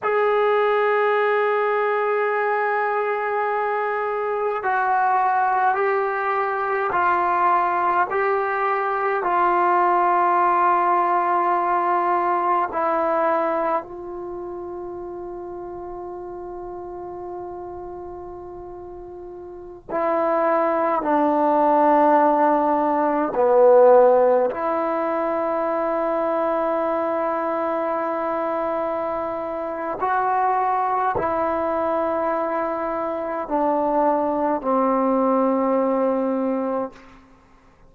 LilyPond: \new Staff \with { instrumentName = "trombone" } { \time 4/4 \tempo 4 = 52 gis'1 | fis'4 g'4 f'4 g'4 | f'2. e'4 | f'1~ |
f'4~ f'16 e'4 d'4.~ d'16~ | d'16 b4 e'2~ e'8.~ | e'2 fis'4 e'4~ | e'4 d'4 c'2 | }